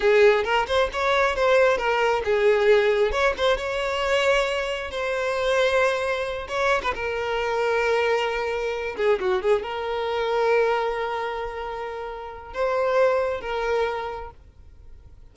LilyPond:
\new Staff \with { instrumentName = "violin" } { \time 4/4 \tempo 4 = 134 gis'4 ais'8 c''8 cis''4 c''4 | ais'4 gis'2 cis''8 c''8 | cis''2. c''4~ | c''2~ c''8 cis''8. b'16 ais'8~ |
ais'1 | gis'8 fis'8 gis'8 ais'2~ ais'8~ | ais'1 | c''2 ais'2 | }